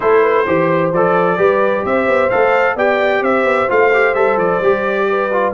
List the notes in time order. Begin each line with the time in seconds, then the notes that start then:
0.00 A3 E4 A4 C5
0.22 B4
0.46 E3 G4 C5
0.93 F3 A4 D5
1.37 G3 G4 B4
1.84 C4 C5 E5
2.07 B3
2.29 A3 A4 F5
2.75 B3 G4 D5 G5
3.21 C4 C5 E5
3.44 B3
3.68 A3 F4 F5
3.93 G4
4.14 G3 A4 E5
4.36 F3 D5
4.60 G3 G4
5.09 B4
5.32 F4